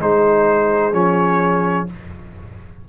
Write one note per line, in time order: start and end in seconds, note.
0.00 0.93 G#3
0.00 0.93 D#4
0.00 1.89 G#4
0.00 0.94 C5
0.93 1.87 F3
0.93 1.87 C#4
0.93 1.88 C#5